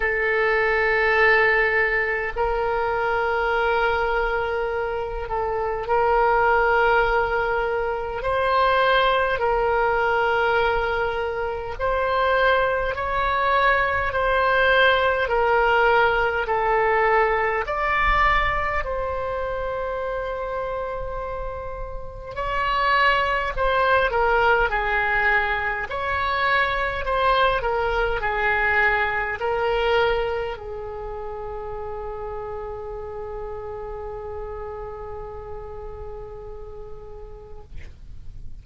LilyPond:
\new Staff \with { instrumentName = "oboe" } { \time 4/4 \tempo 4 = 51 a'2 ais'2~ | ais'8 a'8 ais'2 c''4 | ais'2 c''4 cis''4 | c''4 ais'4 a'4 d''4 |
c''2. cis''4 | c''8 ais'8 gis'4 cis''4 c''8 ais'8 | gis'4 ais'4 gis'2~ | gis'1 | }